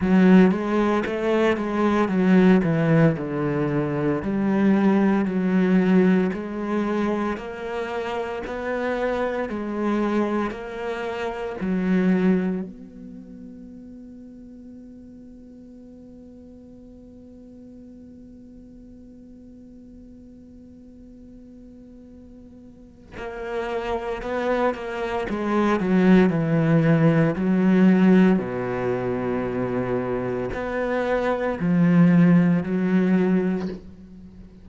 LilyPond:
\new Staff \with { instrumentName = "cello" } { \time 4/4 \tempo 4 = 57 fis8 gis8 a8 gis8 fis8 e8 d4 | g4 fis4 gis4 ais4 | b4 gis4 ais4 fis4 | b1~ |
b1~ | b2 ais4 b8 ais8 | gis8 fis8 e4 fis4 b,4~ | b,4 b4 f4 fis4 | }